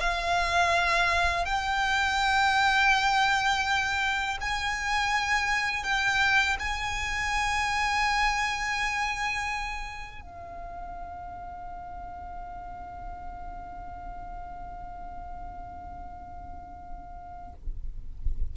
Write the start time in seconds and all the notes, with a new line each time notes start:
0.00 F5
1.45 G5
4.41 G#5
5.84 G5
6.59 G#5
10.22 F5